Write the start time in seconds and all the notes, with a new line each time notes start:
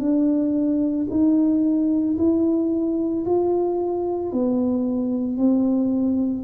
0.00 D4
1.11 D#4
2.18 E4
3.26 F4
4.32 B3
5.38 C4